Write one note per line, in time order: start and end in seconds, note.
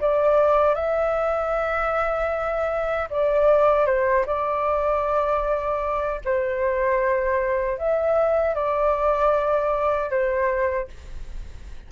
0.00 0.74 D5
0.74 3.08 E5
3.10 3.86 D5
3.86 4.25 C5
4.26 6.21 D5
6.24 7.78 C5
7.78 8.54 E5
8.54 10.09 D5
10.09 10.87 C5